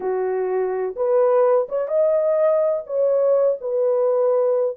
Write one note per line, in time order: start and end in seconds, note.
0.00 0.95 F#4
0.96 1.67 B4
1.68 1.88 C#5
1.88 2.83 D#5
2.86 3.57 C#5
3.61 4.76 B4